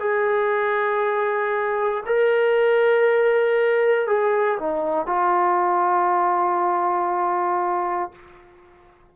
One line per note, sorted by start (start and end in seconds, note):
0.00 2.03 G#4
2.06 4.07 A#4
4.07 4.58 G#4
4.59 5.06 D#4
5.06 8.11 F4